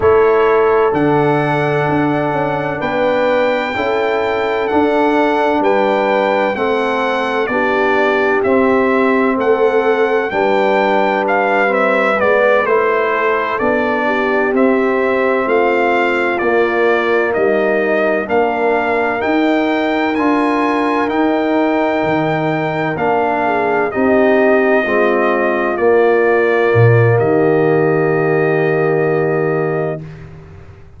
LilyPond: <<
  \new Staff \with { instrumentName = "trumpet" } { \time 4/4 \tempo 4 = 64 cis''4 fis''2 g''4~ | g''4 fis''4 g''4 fis''4 | d''4 e''4 fis''4 g''4 | f''8 e''8 d''8 c''4 d''4 e''8~ |
e''8 f''4 d''4 dis''4 f''8~ | f''8 g''4 gis''4 g''4.~ | g''8 f''4 dis''2 d''8~ | d''4 dis''2. | }
  \new Staff \with { instrumentName = "horn" } { \time 4/4 a'2. b'4 | a'2 b'4 a'4 | g'2 a'4 b'4~ | b'2 a'4 g'4~ |
g'8 f'2 dis'4 ais'8~ | ais'1~ | ais'4 gis'8 g'4 f'4.~ | f'4 g'2. | }
  \new Staff \with { instrumentName = "trombone" } { \time 4/4 e'4 d'2. | e'4 d'2 c'4 | d'4 c'2 d'4~ | d'8 c'8 b8 e'4 d'4 c'8~ |
c'4. ais2 d'8~ | d'8 dis'4 f'4 dis'4.~ | dis'8 d'4 dis'4 c'4 ais8~ | ais1 | }
  \new Staff \with { instrumentName = "tuba" } { \time 4/4 a4 d4 d'8 cis'8 b4 | cis'4 d'4 g4 a4 | b4 c'4 a4 g4~ | g4 gis8 a4 b4 c'8~ |
c'8 a4 ais4 g4 ais8~ | ais8 dis'4 d'4 dis'4 dis8~ | dis8 ais4 c'4 gis4 ais8~ | ais8 ais,8 dis2. | }
>>